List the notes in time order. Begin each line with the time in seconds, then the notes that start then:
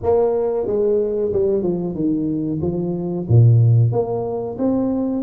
0.02 A#3
0.66 G#3
1.33 G3
1.62 F3
1.94 D#3
2.61 F3
3.28 A#2
3.91 A#3
4.58 C4